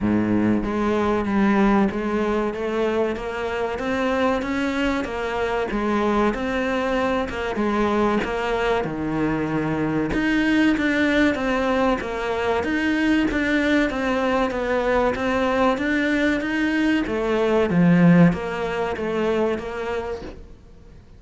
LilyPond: \new Staff \with { instrumentName = "cello" } { \time 4/4 \tempo 4 = 95 gis,4 gis4 g4 gis4 | a4 ais4 c'4 cis'4 | ais4 gis4 c'4. ais8 | gis4 ais4 dis2 |
dis'4 d'4 c'4 ais4 | dis'4 d'4 c'4 b4 | c'4 d'4 dis'4 a4 | f4 ais4 a4 ais4 | }